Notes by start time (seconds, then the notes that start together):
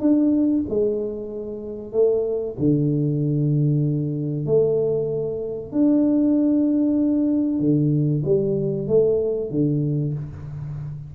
0.00 D4
0.69 G#3
1.92 A3
2.59 D3
4.46 A3
5.72 D4
7.59 D3
8.24 G3
8.88 A3
9.50 D3